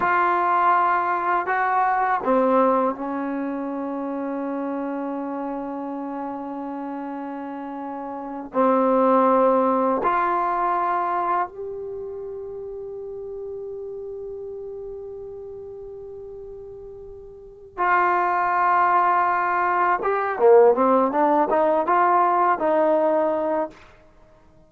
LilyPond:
\new Staff \with { instrumentName = "trombone" } { \time 4/4 \tempo 4 = 81 f'2 fis'4 c'4 | cis'1~ | cis'2.~ cis'8 c'8~ | c'4. f'2 g'8~ |
g'1~ | g'1 | f'2. g'8 ais8 | c'8 d'8 dis'8 f'4 dis'4. | }